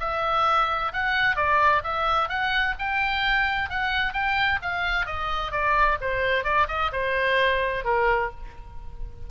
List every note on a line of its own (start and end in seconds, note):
0.00 0.92 E5
0.93 1.36 F#5
1.36 1.82 D5
1.83 2.29 E5
2.29 2.75 F#5
2.79 3.69 G5
3.69 4.13 F#5
4.13 4.59 G5
4.62 5.06 F5
5.06 5.52 D#5
5.52 5.98 D5
6.01 6.44 C5
6.44 6.67 D5
6.68 6.91 D#5
6.93 7.84 C5
7.84 8.30 A#4